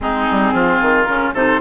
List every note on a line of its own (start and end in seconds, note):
0.00 0.27 G#3
0.00 1.07 C4
0.00 0.53 D#4
0.00 1.04 G#4
0.30 0.52 G3
0.52 0.79 F3
0.52 1.33 F4
0.80 1.07 D#3
1.04 1.33 C#3
1.04 1.34 C#4
1.04 1.30 A#4
1.33 1.60 C3
1.33 1.61 D#4
1.33 1.60 A4
1.33 1.61 C5